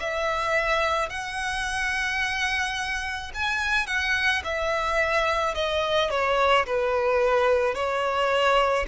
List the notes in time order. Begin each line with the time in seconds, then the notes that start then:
0.00 E5
1.10 F#5
3.35 G#5
3.87 F#5
4.45 E5
5.55 D#5
6.11 C#5
6.67 B4
7.75 C#5